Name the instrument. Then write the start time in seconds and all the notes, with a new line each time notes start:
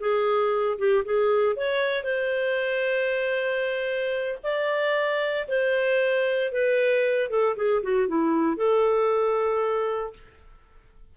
clarinet
0.00 G#4
0.78 G4
1.05 G#4
1.56 C#5
2.04 C5
4.44 D5
5.48 C5
6.52 B4
7.30 A4
7.57 G#4
7.83 F#4
8.08 E4
8.57 A4